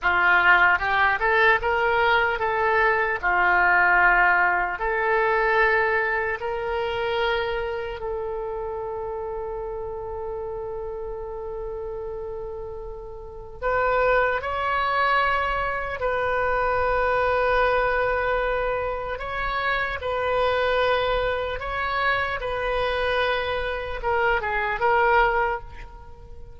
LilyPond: \new Staff \with { instrumentName = "oboe" } { \time 4/4 \tempo 4 = 75 f'4 g'8 a'8 ais'4 a'4 | f'2 a'2 | ais'2 a'2~ | a'1~ |
a'4 b'4 cis''2 | b'1 | cis''4 b'2 cis''4 | b'2 ais'8 gis'8 ais'4 | }